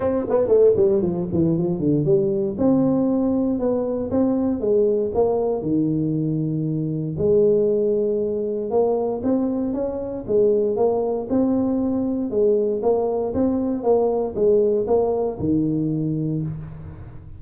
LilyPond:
\new Staff \with { instrumentName = "tuba" } { \time 4/4 \tempo 4 = 117 c'8 b8 a8 g8 f8 e8 f8 d8 | g4 c'2 b4 | c'4 gis4 ais4 dis4~ | dis2 gis2~ |
gis4 ais4 c'4 cis'4 | gis4 ais4 c'2 | gis4 ais4 c'4 ais4 | gis4 ais4 dis2 | }